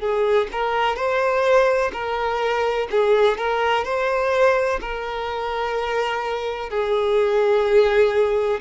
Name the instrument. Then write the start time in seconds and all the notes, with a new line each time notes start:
violin
0.00 G#4
0.52 A#4
0.97 C5
1.93 A#4
2.91 G#4
3.38 A#4
3.85 C5
4.81 A#4
6.70 G#4